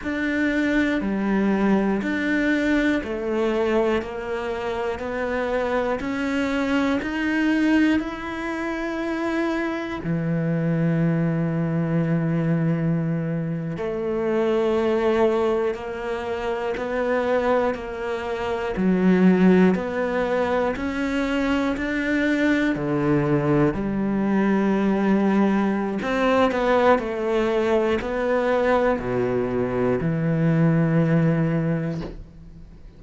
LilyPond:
\new Staff \with { instrumentName = "cello" } { \time 4/4 \tempo 4 = 60 d'4 g4 d'4 a4 | ais4 b4 cis'4 dis'4 | e'2 e2~ | e4.~ e16 a2 ais16~ |
ais8. b4 ais4 fis4 b16~ | b8. cis'4 d'4 d4 g16~ | g2 c'8 b8 a4 | b4 b,4 e2 | }